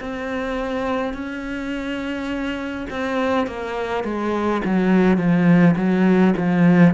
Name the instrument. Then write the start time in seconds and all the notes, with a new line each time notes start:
cello
0.00 C4
1.13 C#4
2.90 C4
3.47 A#3
4.04 G#3
4.65 F#3
5.18 F3
5.76 F#3
6.37 F3